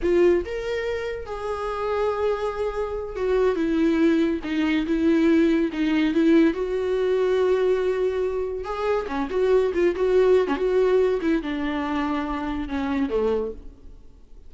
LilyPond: \new Staff \with { instrumentName = "viola" } { \time 4/4 \tempo 4 = 142 f'4 ais'2 gis'4~ | gis'2.~ gis'8 fis'8~ | fis'8 e'2 dis'4 e'8~ | e'4. dis'4 e'4 fis'8~ |
fis'1~ | fis'8 gis'4 cis'8 fis'4 f'8 fis'8~ | fis'8. cis'16 fis'4. e'8 d'4~ | d'2 cis'4 a4 | }